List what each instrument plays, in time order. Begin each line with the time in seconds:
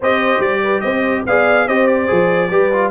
0.00 tuba C4, trombone G4, horn C5, trumpet D#5
0.39 tuba G3, trumpet D5
0.62 horn B4
0.80 tuba C4, horn C5, trumpet D#5
1.25 tuba B3, trombone G#4, horn D5, trumpet F5
1.67 tuba C4, trombone G4, horn C5, trumpet D#5
1.87 trumpet D5
2.07 tuba F3, trombone G#4
2.49 tuba G3, trombone G4, horn B4
2.72 trombone F4